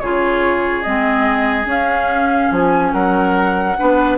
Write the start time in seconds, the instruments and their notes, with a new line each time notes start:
0.00 bassoon C#3, clarinet F4, oboe G#4, flute C#5
0.83 bassoon G#3, clarinet C4, flute D#5
1.64 clarinet C#4, bassoon C#4, flute F5
2.51 bassoon F3, flute G#5
2.93 bassoon F#3, oboe A#4, flute F#5
3.78 bassoon B3, clarinet D4, oboe B4